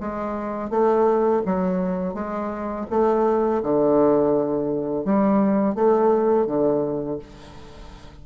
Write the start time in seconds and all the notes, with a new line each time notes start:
0.00 G#3
0.70 A3
1.46 F#3
2.14 G#3
2.90 A3
3.63 D3
5.05 G3
5.75 A3
6.46 D3